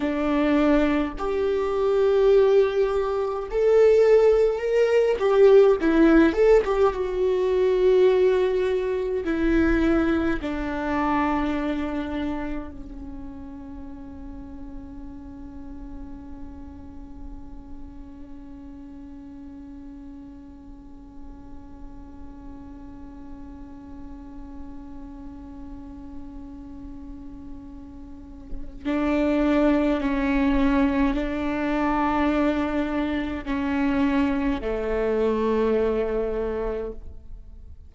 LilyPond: \new Staff \with { instrumentName = "viola" } { \time 4/4 \tempo 4 = 52 d'4 g'2 a'4 | ais'8 g'8 e'8 a'16 g'16 fis'2 | e'4 d'2 cis'4~ | cis'1~ |
cis'1~ | cis'1~ | cis'4 d'4 cis'4 d'4~ | d'4 cis'4 a2 | }